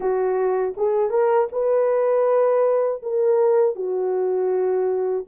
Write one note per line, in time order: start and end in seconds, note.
0.00 0.74 F#4
0.76 1.10 G#4
1.10 1.47 A#4
1.52 3.02 B4
3.02 3.75 A#4
3.75 5.25 F#4